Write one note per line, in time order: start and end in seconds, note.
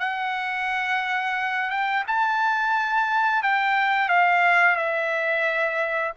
0.00 1.70 F#5
1.70 2.05 G5
2.08 3.43 A5
3.43 4.09 G5
4.09 4.77 F5
4.77 6.13 E5